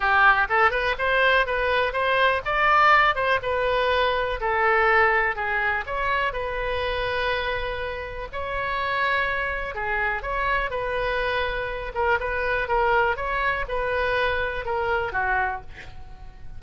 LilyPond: \new Staff \with { instrumentName = "oboe" } { \time 4/4 \tempo 4 = 123 g'4 a'8 b'8 c''4 b'4 | c''4 d''4. c''8 b'4~ | b'4 a'2 gis'4 | cis''4 b'2.~ |
b'4 cis''2. | gis'4 cis''4 b'2~ | b'8 ais'8 b'4 ais'4 cis''4 | b'2 ais'4 fis'4 | }